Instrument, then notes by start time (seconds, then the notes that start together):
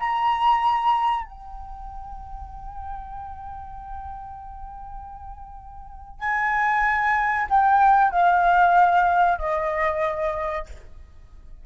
flute
0.00 A#5
1.25 G5
6.20 G#5
7.50 G5
8.12 F5
9.39 D#5